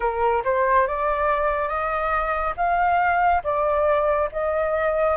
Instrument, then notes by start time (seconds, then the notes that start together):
flute
0.00 A#4
0.44 C5
0.87 D5
1.68 D#5
2.56 F5
3.43 D5
4.31 D#5